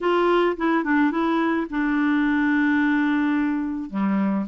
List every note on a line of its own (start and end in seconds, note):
0.01 0.56 F4
0.57 0.84 E4
0.84 1.11 D4
1.11 1.66 E4
1.70 3.90 D4
3.90 4.45 G3